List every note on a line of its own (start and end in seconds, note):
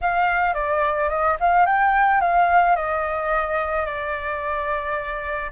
0.01 0.54 F5
0.54 1.09 D5
1.09 1.36 D#5
1.40 1.66 F5
1.66 2.20 G5
2.20 2.75 F5
2.76 3.85 D#5
3.85 5.50 D5